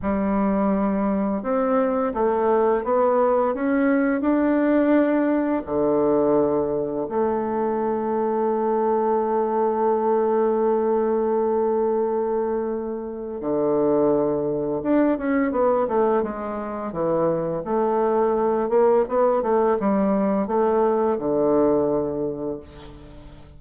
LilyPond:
\new Staff \with { instrumentName = "bassoon" } { \time 4/4 \tempo 4 = 85 g2 c'4 a4 | b4 cis'4 d'2 | d2 a2~ | a1~ |
a2. d4~ | d4 d'8 cis'8 b8 a8 gis4 | e4 a4. ais8 b8 a8 | g4 a4 d2 | }